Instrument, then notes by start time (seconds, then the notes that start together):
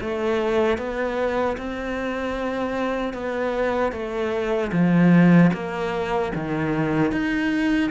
cello
0.00 A3
0.78 B3
1.57 C4
3.13 B3
3.92 A3
4.72 F3
5.53 A#3
6.35 D#3
7.11 D#4